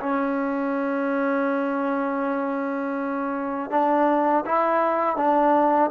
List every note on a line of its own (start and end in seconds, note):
0.00 3.70 C#4
3.70 4.44 D4
4.45 5.16 E4
5.16 5.90 D4